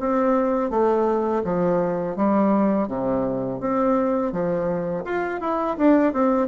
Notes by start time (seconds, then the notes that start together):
0.00 C4
0.71 A3
1.45 F3
2.17 G3
2.88 C3
3.61 C4
4.32 F3
5.05 F4
5.41 E4
5.78 D4
6.13 C4